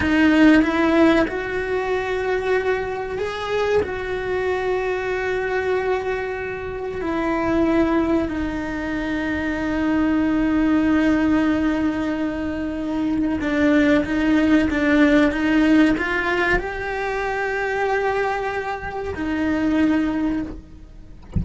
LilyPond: \new Staff \with { instrumentName = "cello" } { \time 4/4 \tempo 4 = 94 dis'4 e'4 fis'2~ | fis'4 gis'4 fis'2~ | fis'2. e'4~ | e'4 dis'2.~ |
dis'1~ | dis'4 d'4 dis'4 d'4 | dis'4 f'4 g'2~ | g'2 dis'2 | }